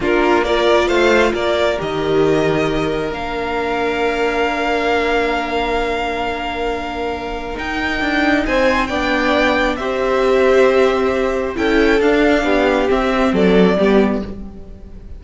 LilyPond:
<<
  \new Staff \with { instrumentName = "violin" } { \time 4/4 \tempo 4 = 135 ais'4 d''4 f''4 d''4 | dis''2. f''4~ | f''1~ | f''1~ |
f''4 g''2 gis''4 | g''2 e''2~ | e''2 g''4 f''4~ | f''4 e''4 d''2 | }
  \new Staff \with { instrumentName = "violin" } { \time 4/4 f'4 ais'4 c''4 ais'4~ | ais'1~ | ais'1~ | ais'1~ |
ais'2. c''4 | d''2 c''2~ | c''2 a'2 | g'2 a'4 g'4 | }
  \new Staff \with { instrumentName = "viola" } { \time 4/4 d'4 f'2. | g'2. d'4~ | d'1~ | d'1~ |
d'4 dis'2. | d'2 g'2~ | g'2 e'4 d'4~ | d'4 c'2 b4 | }
  \new Staff \with { instrumentName = "cello" } { \time 4/4 ais2 a4 ais4 | dis2. ais4~ | ais1~ | ais1~ |
ais4 dis'4 d'4 c'4 | b2 c'2~ | c'2 cis'4 d'4 | b4 c'4 fis4 g4 | }
>>